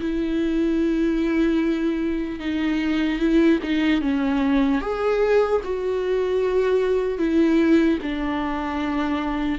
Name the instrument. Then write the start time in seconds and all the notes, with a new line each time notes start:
viola
0.00 E4
2.40 D#4
3.19 E4
3.63 D#4
4.01 C#4
4.81 G#4
5.64 F#4
7.19 E4
8.03 D4